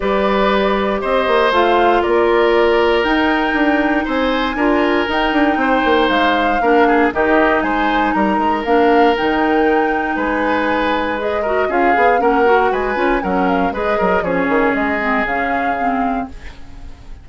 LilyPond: <<
  \new Staff \with { instrumentName = "flute" } { \time 4/4 \tempo 4 = 118 d''2 dis''4 f''4 | d''2 g''2 | gis''2 g''2 | f''2 dis''4 gis''4 |
ais''4 f''4 g''2 | gis''2 dis''4 f''4 | fis''4 gis''4 fis''8 f''8 dis''4 | cis''4 dis''4 f''2 | }
  \new Staff \with { instrumentName = "oboe" } { \time 4/4 b'2 c''2 | ais'1 | c''4 ais'2 c''4~ | c''4 ais'8 gis'8 g'4 c''4 |
ais'1 | b'2~ b'8 ais'8 gis'4 | ais'4 b'4 ais'4 b'8 ais'8 | gis'1 | }
  \new Staff \with { instrumentName = "clarinet" } { \time 4/4 g'2. f'4~ | f'2 dis'2~ | dis'4 f'4 dis'2~ | dis'4 d'4 dis'2~ |
dis'4 d'4 dis'2~ | dis'2 gis'8 fis'8 f'8 gis'8 | cis'8 fis'4 f'8 cis'4 gis'4 | cis'4. c'8 cis'4 c'4 | }
  \new Staff \with { instrumentName = "bassoon" } { \time 4/4 g2 c'8 ais8 a4 | ais2 dis'4 d'4 | c'4 d'4 dis'8 d'8 c'8 ais8 | gis4 ais4 dis4 gis4 |
g8 gis8 ais4 dis2 | gis2. cis'8 b8 | ais4 gis8 cis'8 fis4 gis8 fis8 | f8 dis8 gis4 cis2 | }
>>